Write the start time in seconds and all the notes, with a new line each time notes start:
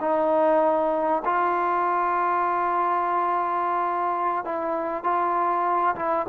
0.00 D#4
1.24 F4
4.44 E4
5.03 F4
5.95 E4